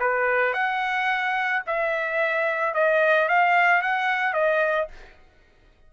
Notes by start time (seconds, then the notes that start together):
0.00 B4
0.54 F#5
1.67 E5
2.74 D#5
3.29 F5
3.82 F#5
4.34 D#5